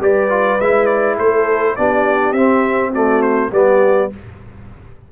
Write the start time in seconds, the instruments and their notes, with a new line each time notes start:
0.00 tuba G3, trombone G4, horn B4, trumpet D5
0.30 trombone F4
0.61 tuba G#3, trombone E4, trumpet E5
0.86 trumpet D5
1.18 tuba A3, horn A4, trumpet C5
1.76 tuba B3, trombone D4, horn G4, trumpet D5
2.33 tuba C4, trombone C4, trumpet E5
2.92 trombone A3, horn F#4, trumpet D5
3.22 trumpet C5
3.52 tuba G3, trombone B3, horn G4, trumpet D5